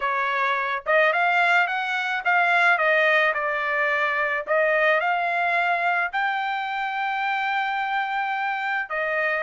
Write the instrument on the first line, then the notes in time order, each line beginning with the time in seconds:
trumpet
0.00 C#5
0.86 D#5
1.12 F5
1.67 F#5
2.24 F5
2.78 D#5
3.34 D5
4.46 D#5
5.00 F5
6.12 G5
8.89 D#5